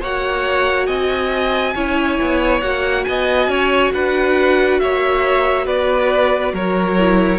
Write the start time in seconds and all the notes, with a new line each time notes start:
0.00 A#3 F#4 C#5 F#5
0.86 C4 D#5 G#5
1.74 C#4 E4 C#5
2.20 B3
2.61 A#3 F#4 F#5
3.04 B3 D#5 G#5
3.47 C#4 C#5
3.93 D4 B4 F#5
4.79 A#3 C#5 E5
5.65 B3 B4 D5
6.53 F#3 A#4 C#5
6.99 E4